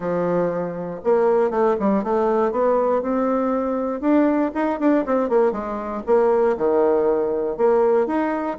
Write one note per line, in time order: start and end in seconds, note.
0.00 1.00 F3
1.04 1.50 A#3
1.50 1.75 A3
1.79 2.03 G3
2.03 2.51 A3
2.51 3.01 B3
3.01 4.00 C4
4.00 4.51 D4
4.54 4.79 D#4
4.79 5.04 D4
5.06 5.29 C4
5.29 5.52 A#3
5.52 6.02 G#3
6.06 6.56 A#3
6.57 7.57 D#3
7.57 8.06 A#3
8.06 8.57 D#4